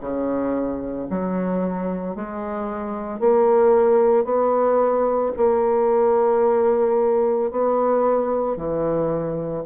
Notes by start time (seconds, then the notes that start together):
0.00 C#3
1.10 F#3
2.15 G#3
3.19 A#3
4.24 B3
5.36 A#3
7.51 B3
8.57 E3